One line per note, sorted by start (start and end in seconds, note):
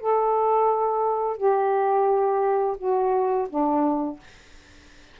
0.00 1.37 A4
1.37 2.77 G4
2.77 3.47 F#4
3.49 4.19 D4